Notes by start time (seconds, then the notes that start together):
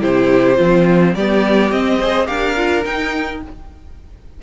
0.00 C3 E4 G4 C5
0.55 F3 C4 F4
1.15 G3 B3 G4 D5
1.71 C4 D#5
1.99 G#4 C5
2.26 D4 G4 A#4 F5
2.57 F4
2.84 D#4 G5